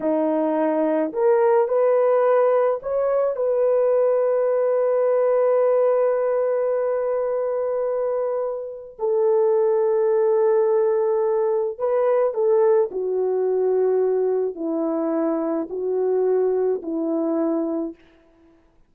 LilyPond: \new Staff \with { instrumentName = "horn" } { \time 4/4 \tempo 4 = 107 dis'2 ais'4 b'4~ | b'4 cis''4 b'2~ | b'1~ | b'1 |
a'1~ | a'4 b'4 a'4 fis'4~ | fis'2 e'2 | fis'2 e'2 | }